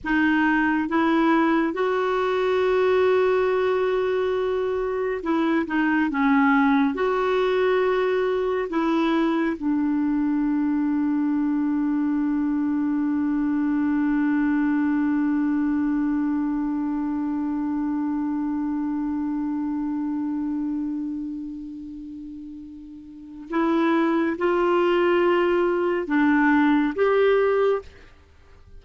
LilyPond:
\new Staff \with { instrumentName = "clarinet" } { \time 4/4 \tempo 4 = 69 dis'4 e'4 fis'2~ | fis'2 e'8 dis'8 cis'4 | fis'2 e'4 d'4~ | d'1~ |
d'1~ | d'1~ | d'2. e'4 | f'2 d'4 g'4 | }